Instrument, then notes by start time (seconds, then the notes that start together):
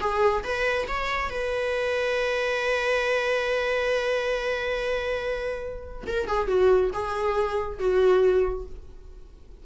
viola
0.00 G#4
0.44 B4
0.88 C#5
1.30 B4
6.06 A#4
6.27 G#4
6.47 F#4
6.93 G#4
7.79 F#4